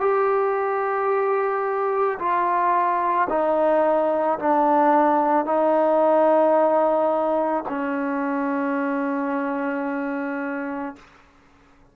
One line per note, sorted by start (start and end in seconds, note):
0.00 2.18 G4
2.19 3.28 F4
3.30 4.39 D#4
4.39 5.45 D4
5.45 7.64 D#4
7.69 10.96 C#4